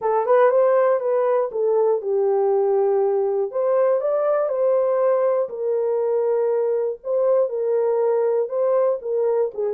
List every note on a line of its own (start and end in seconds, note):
0.01 0.26 A4
0.26 0.50 B4
0.50 1.00 C5
1.00 1.50 B4
1.51 2.01 A4
2.01 3.51 G4
3.51 4.00 C5
4.00 4.48 D5
4.48 5.48 C5
5.49 6.99 A#4
7.03 7.49 C5
7.49 8.48 A#4
8.48 8.98 C5
9.01 9.51 A#4
9.54 9.73 G#4